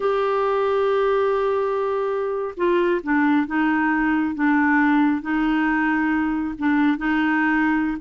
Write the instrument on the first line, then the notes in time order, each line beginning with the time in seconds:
clarinet
0.00 G4
2.56 F4
3.03 D4
3.46 D#4
4.34 D4
5.21 D#4
6.58 D4
6.97 D#4